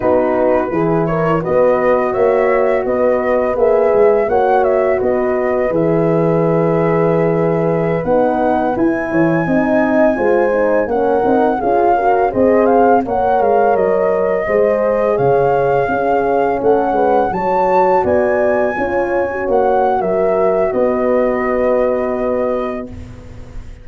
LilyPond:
<<
  \new Staff \with { instrumentName = "flute" } { \time 4/4 \tempo 4 = 84 b'4. cis''8 dis''4 e''4 | dis''4 e''4 fis''8 e''8 dis''4 | e''2.~ e''16 fis''8.~ | fis''16 gis''2. fis''8.~ |
fis''16 f''4 dis''8 f''8 fis''8 f''8 dis''8.~ | dis''4~ dis''16 f''2 fis''8.~ | fis''16 a''4 gis''2 fis''8. | e''4 dis''2. | }
  \new Staff \with { instrumentName = "horn" } { \time 4/4 fis'4 gis'8 ais'8 b'4 cis''4 | b'2 cis''4 b'4~ | b'1~ | b'8. cis''8 dis''4 c''4 ais'8.~ |
ais'16 gis'8 ais'8 c''4 cis''4.~ cis''16~ | cis''16 c''4 cis''4 gis'4 a'8 b'16~ | b'16 cis''4 d''4 cis''4.~ cis''16 | ais'4 b'2. | }
  \new Staff \with { instrumentName = "horn" } { \time 4/4 dis'4 e'4 fis'2~ | fis'4 gis'4 fis'2 | gis'2.~ gis'16 dis'8.~ | dis'16 e'4 dis'4 f'8 dis'8 cis'8 dis'16~ |
dis'16 f'8 fis'8 gis'4 ais'4.~ ais'16~ | ais'16 gis'2 cis'4.~ cis'16~ | cis'16 fis'2 f'8. fis'4~ | fis'1 | }
  \new Staff \with { instrumentName = "tuba" } { \time 4/4 b4 e4 b4 ais4 | b4 ais8 gis8 ais4 b4 | e2.~ e16 b8.~ | b16 e'8 e8 c'4 gis4 ais8 c'16~ |
c'16 cis'4 c'4 ais8 gis8 fis8.~ | fis16 gis4 cis4 cis'4 a8 gis16~ | gis16 fis4 b4 cis'4 ais8. | fis4 b2. | }
>>